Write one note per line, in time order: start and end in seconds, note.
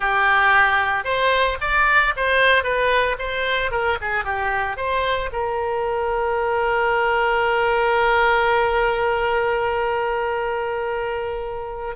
0.00 1.04 G4
1.04 1.57 C5
1.60 2.14 D5
2.16 2.63 C5
2.63 3.16 B4
3.18 3.71 C5
3.71 3.97 A#4
4.01 4.24 G#4
4.24 4.76 G4
4.76 5.30 C5
5.32 11.95 A#4